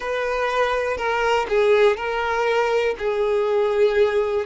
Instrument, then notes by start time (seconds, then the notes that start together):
violin
0.00 B4
0.97 A#4
1.48 G#4
1.96 A#4
2.98 G#4